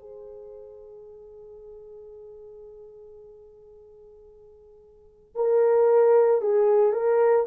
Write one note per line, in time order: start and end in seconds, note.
0.00 5.36 G#4
5.36 6.42 A#4
6.42 6.93 G#4
6.93 7.47 A#4